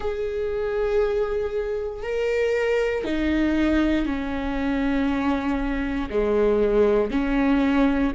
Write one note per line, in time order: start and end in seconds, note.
0.00 2.02 G#4
2.02 3.04 A#4
3.04 4.05 D#4
4.05 6.09 C#4
6.10 7.10 G#3
7.10 8.12 C#4